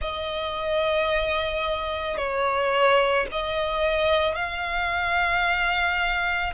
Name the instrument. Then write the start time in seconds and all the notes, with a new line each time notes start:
violin
0.01 D#5
2.17 C#5
3.31 D#5
4.35 F5